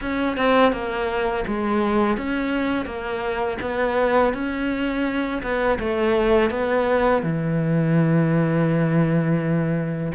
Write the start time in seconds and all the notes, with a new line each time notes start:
0.01 C#4
0.36 C4
0.72 A#3
1.47 G#3
2.17 C#4
2.85 A#3
3.61 B3
4.33 C#4
5.42 B3
5.79 A3
6.50 B3
7.23 E3